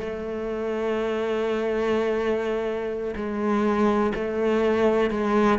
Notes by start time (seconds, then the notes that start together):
0.00 A3
3.16 G#3
4.15 A3
5.11 G#3